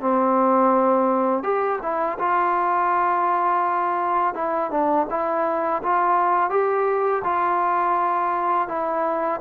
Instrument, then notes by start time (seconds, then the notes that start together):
trombone
0.00 C4
1.43 G4
1.82 E4
2.19 F4
4.34 E4
4.71 D4
5.10 E4
5.83 F4
6.50 G4
7.24 F4
8.68 E4